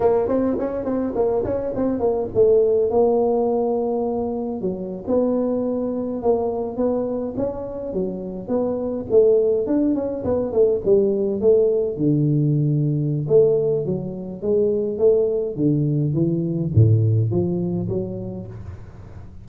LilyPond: \new Staff \with { instrumentName = "tuba" } { \time 4/4 \tempo 4 = 104 ais8 c'8 cis'8 c'8 ais8 cis'8 c'8 ais8 | a4 ais2. | fis8. b2 ais4 b16~ | b8. cis'4 fis4 b4 a16~ |
a8. d'8 cis'8 b8 a8 g4 a16~ | a8. d2~ d16 a4 | fis4 gis4 a4 d4 | e4 a,4 f4 fis4 | }